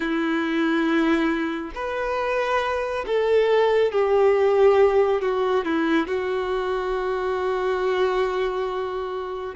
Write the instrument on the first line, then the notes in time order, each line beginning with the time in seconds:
violin
0.00 E4
1.74 B4
3.06 A4
3.91 G4
5.21 F#4
5.64 E4
6.07 F#4